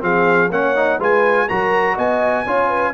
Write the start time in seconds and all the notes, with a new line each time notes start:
0.00 F3 C4 G#4 F5
0.50 A#3 C#4 C#5 F#5
0.76 D#4
0.98 G#3 F4 B4 G#5
1.47 F#3 F#4 A#4 A#5
1.95 B3 D#5 G#5
2.46 C#4 F4 C#5
2.68 B4